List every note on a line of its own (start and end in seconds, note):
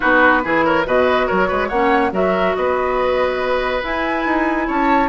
0.00 0.45 B3
0.00 0.42 D#4
0.00 0.42 F#4
0.00 0.62 B4
0.44 0.86 E3
0.44 0.85 E4
0.44 0.65 G#4
0.65 0.86 A#4
0.65 0.86 C#5
0.85 1.28 B2
0.85 1.70 F#4
0.85 1.26 B4
0.85 1.27 D#5
1.26 1.51 F#3
1.26 1.48 A#4
1.26 1.69 C#5
1.48 1.70 G#3
1.48 1.68 B4
1.68 2.12 A#3
1.68 2.12 C#4
1.68 2.10 C#5
1.68 2.11 F#5
2.12 2.54 F#3
2.12 3.82 F#4
2.12 2.56 A#4
2.12 2.55 E5
2.55 3.82 B3
2.55 4.67 B4
2.55 3.83 D#5
3.82 5.09 E4
3.82 4.25 E4
3.82 4.69 G#5
4.25 4.68 D#4
4.67 5.09 C#4
4.67 5.09 C#5
4.67 5.09 A5